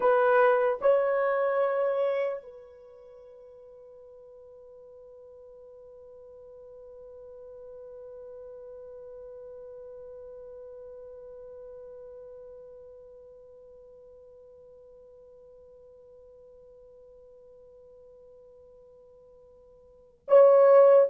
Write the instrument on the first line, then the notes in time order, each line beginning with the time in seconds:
horn
0.00 B4
0.81 C#5
2.42 B4
20.28 C#5